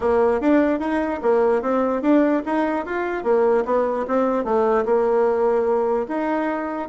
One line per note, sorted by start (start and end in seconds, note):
0.00 0.40 A#3
0.40 0.79 D4
0.79 1.20 D#4
1.22 1.62 A#3
1.62 2.01 C4
2.01 2.42 D4
2.45 2.85 D#4
2.85 3.23 F4
3.23 3.64 A#3
3.65 4.05 B3
4.07 4.44 C4
4.44 4.84 A3
4.85 6.06 A#3
6.08 6.88 D#4